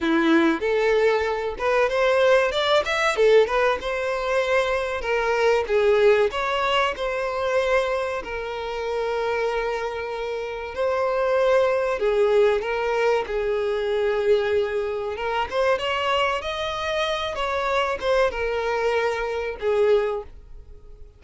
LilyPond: \new Staff \with { instrumentName = "violin" } { \time 4/4 \tempo 4 = 95 e'4 a'4. b'8 c''4 | d''8 e''8 a'8 b'8 c''2 | ais'4 gis'4 cis''4 c''4~ | c''4 ais'2.~ |
ais'4 c''2 gis'4 | ais'4 gis'2. | ais'8 c''8 cis''4 dis''4. cis''8~ | cis''8 c''8 ais'2 gis'4 | }